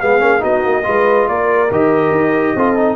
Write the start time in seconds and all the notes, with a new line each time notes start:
0.00 G#3 B3 G#4 F5
0.19 A#3 C#4
0.40 B3 D#4 F#4 D#5
0.64 A#3
0.83 G#3 F4 B4
1.28 A#3 A#4 D5
1.71 D#3 G4 D#5
2.10 D#4
2.55 C4 F4 A4
2.76 D#4